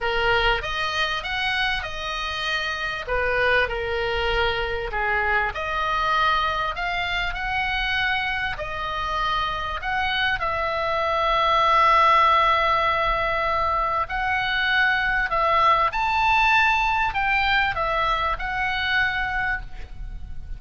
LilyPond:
\new Staff \with { instrumentName = "oboe" } { \time 4/4 \tempo 4 = 98 ais'4 dis''4 fis''4 dis''4~ | dis''4 b'4 ais'2 | gis'4 dis''2 f''4 | fis''2 dis''2 |
fis''4 e''2.~ | e''2. fis''4~ | fis''4 e''4 a''2 | g''4 e''4 fis''2 | }